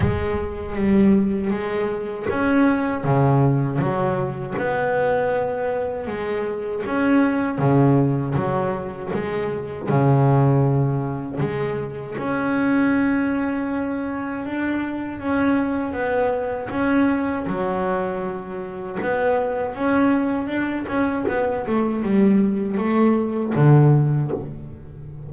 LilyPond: \new Staff \with { instrumentName = "double bass" } { \time 4/4 \tempo 4 = 79 gis4 g4 gis4 cis'4 | cis4 fis4 b2 | gis4 cis'4 cis4 fis4 | gis4 cis2 gis4 |
cis'2. d'4 | cis'4 b4 cis'4 fis4~ | fis4 b4 cis'4 d'8 cis'8 | b8 a8 g4 a4 d4 | }